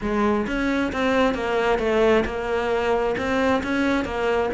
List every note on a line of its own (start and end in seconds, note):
0.01 0.46 G#3
0.46 0.91 C#4
0.92 1.34 C4
1.34 1.78 A#3
1.78 2.24 A3
2.25 3.15 A#3
3.17 3.62 C4
3.63 4.04 C#4
4.04 4.49 A#3